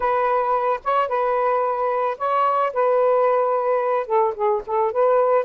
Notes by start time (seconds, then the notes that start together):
0.00 B4
0.84 C#5
1.08 B4
2.18 C#5
2.73 B4
4.06 A4
4.34 G#4
4.66 A4
4.92 B4